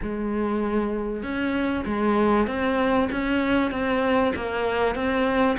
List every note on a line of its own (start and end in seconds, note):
0.02 1.22 G#3
1.22 1.84 C#4
1.85 2.47 G#3
2.47 3.09 C4
3.11 3.71 C#4
3.71 4.32 C4
4.35 4.95 A#3
4.95 5.57 C4